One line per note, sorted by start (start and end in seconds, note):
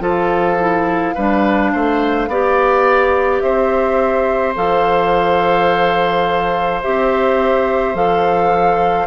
0.00 1.13 F3
0.00 0.57 F4
0.00 1.15 A4
0.00 3.40 F5
0.59 1.16 E4
1.15 1.74 G3
1.15 2.31 D4
1.15 1.71 B4
1.73 2.28 A3
1.73 2.29 C5
2.28 3.41 B3
2.28 4.55 G4
2.28 3.43 D5
3.40 4.55 C4
3.40 9.07 C5
3.40 4.53 E5
4.55 6.83 F3
4.55 6.81 A4
4.55 6.83 F5
6.83 7.94 C4
6.83 7.95 G4
6.83 7.95 E5
7.94 9.07 F3
7.94 9.07 A4
7.94 9.07 F5